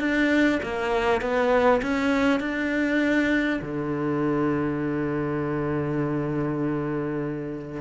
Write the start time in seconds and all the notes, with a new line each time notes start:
0.00 D4
0.63 A#3
1.21 B3
1.82 C#4
2.40 D4
3.62 D3